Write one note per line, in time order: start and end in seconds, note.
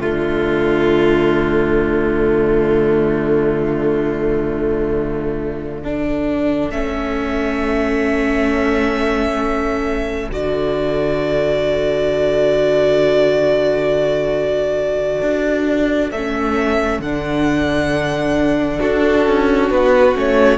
0.00 6.70 D3
0.00 5.83 A3
0.00 5.82 F4
0.00 6.70 D5
5.82 6.72 D4
5.82 18.79 A4
6.70 10.29 A3
6.70 10.30 C#4
6.70 10.28 E5
10.30 15.21 D3
10.30 16.14 F#4
10.30 16.11 D5
15.21 16.11 D4
16.11 16.99 A3
16.11 17.03 C#4
16.11 17.01 E5
16.99 18.78 D3
16.99 20.13 D4
16.99 18.80 F#5
18.79 19.26 D4
18.79 20.57 F#4
18.79 19.70 A4
19.26 19.70 C#4
19.70 20.15 B3
19.70 20.15 B4
20.13 20.57 A3
20.13 20.57 C#4
20.13 20.57 C#5